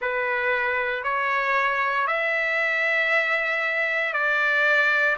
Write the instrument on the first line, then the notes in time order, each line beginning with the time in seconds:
trumpet
0.01 B4
1.03 C#5
2.07 E5
4.13 D5